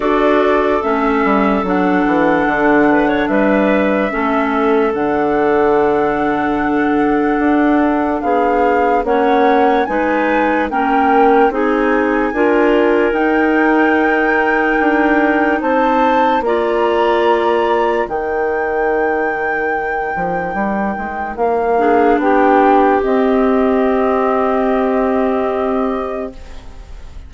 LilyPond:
<<
  \new Staff \with { instrumentName = "flute" } { \time 4/4 \tempo 4 = 73 d''4 e''4 fis''2 | e''2 fis''2~ | fis''2 f''4 fis''4 | gis''4 g''4 gis''2 |
g''2. a''4 | ais''2 g''2~ | g''2 f''4 g''4 | dis''1 | }
  \new Staff \with { instrumentName = "clarinet" } { \time 4/4 a'2.~ a'8 b'16 cis''16 | b'4 a'2.~ | a'2 gis'4 cis''4 | b'4 ais'4 gis'4 ais'4~ |
ais'2. c''4 | d''2 ais'2~ | ais'2~ ais'8 gis'8 g'4~ | g'1 | }
  \new Staff \with { instrumentName = "clarinet" } { \time 4/4 fis'4 cis'4 d'2~ | d'4 cis'4 d'2~ | d'2. cis'4 | dis'4 cis'4 dis'4 f'4 |
dis'1 | f'2 dis'2~ | dis'2~ dis'8 d'4. | c'1 | }
  \new Staff \with { instrumentName = "bassoon" } { \time 4/4 d'4 a8 g8 fis8 e8 d4 | g4 a4 d2~ | d4 d'4 b4 ais4 | gis4 ais4 c'4 d'4 |
dis'2 d'4 c'4 | ais2 dis2~ | dis8 f8 g8 gis8 ais4 b4 | c'1 | }
>>